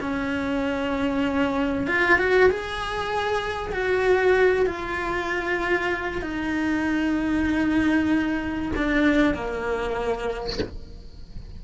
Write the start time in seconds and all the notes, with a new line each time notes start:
0.00 C#4
1.87 F4
2.18 F#4
2.50 G#4
3.72 F#4
4.66 F4
6.22 D#4
8.76 D4
9.34 A#3